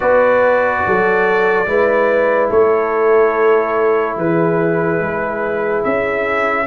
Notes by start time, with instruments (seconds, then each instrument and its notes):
0.00 tuba B3, trombone F#4, horn B4, trumpet D5
0.86 tuba F#3, horn A4
1.65 tuba G#3, trombone E4, horn B4
2.50 tuba A3, horn A4, trumpet C#5
4.16 tuba E3, horn G#4, trumpet B4
4.99 tuba G#3
5.84 tuba C#4, trumpet E5